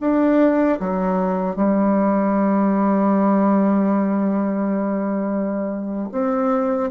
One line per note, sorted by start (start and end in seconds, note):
0.00 0.79 D4
0.80 1.55 F#3
1.55 6.09 G3
6.11 6.90 C4